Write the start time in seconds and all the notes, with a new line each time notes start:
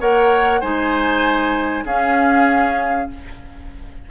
0.00 A#3 A#4 C#5 F#5
0.61 G#3 D#4 C5 G#5
1.85 C#4 G#4 F5